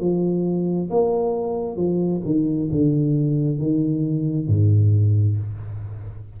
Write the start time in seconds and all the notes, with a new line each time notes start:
0.00 F3
0.90 A#3
1.76 F3
2.25 D#3
2.71 D3
3.58 D#3
4.47 G#2